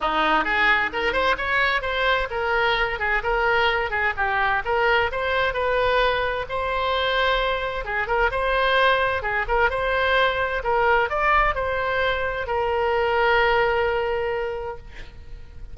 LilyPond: \new Staff \with { instrumentName = "oboe" } { \time 4/4 \tempo 4 = 130 dis'4 gis'4 ais'8 c''8 cis''4 | c''4 ais'4. gis'8 ais'4~ | ais'8 gis'8 g'4 ais'4 c''4 | b'2 c''2~ |
c''4 gis'8 ais'8 c''2 | gis'8 ais'8 c''2 ais'4 | d''4 c''2 ais'4~ | ais'1 | }